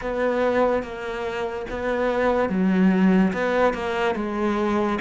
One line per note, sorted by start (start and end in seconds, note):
0.01 0.83 B3
0.83 1.66 A#3
1.69 2.49 B3
2.49 3.32 F#3
3.33 3.73 B3
3.73 4.15 A#3
4.15 4.98 G#3